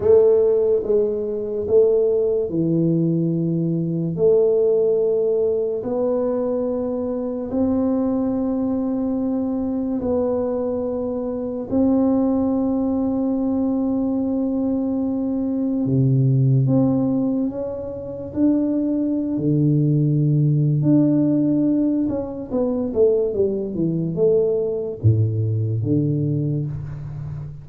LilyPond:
\new Staff \with { instrumentName = "tuba" } { \time 4/4 \tempo 4 = 72 a4 gis4 a4 e4~ | e4 a2 b4~ | b4 c'2. | b2 c'2~ |
c'2. c4 | c'4 cis'4 d'4~ d'16 d8.~ | d4 d'4. cis'8 b8 a8 | g8 e8 a4 a,4 d4 | }